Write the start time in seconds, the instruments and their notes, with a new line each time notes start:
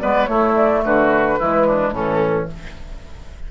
0.00 bassoon G#3, clarinet B3, oboe B4, flute D5
0.26 clarinet A3, bassoon A3, oboe E4, flute C#5
0.56 flute D5
0.85 bassoon D3, oboe F#4, flute B4
1.39 bassoon E3, clarinet G#3, oboe E4
1.67 oboe D4
1.90 bassoon A2, clarinet E3, oboe C#4, flute A4